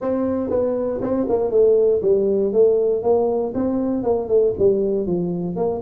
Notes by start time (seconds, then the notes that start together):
0.01 C4
0.50 B3
1.01 C4
1.29 A#3
1.50 A3
2.02 G3
2.52 A3
3.02 A#3
3.54 C4
4.03 A#3
4.28 A3
4.58 G3
5.06 F3
5.56 A#3